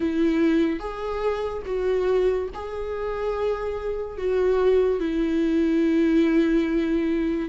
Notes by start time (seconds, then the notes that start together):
0.00 E4
0.79 G#4
1.65 F#4
2.54 G#4
4.17 F#4
5.00 E4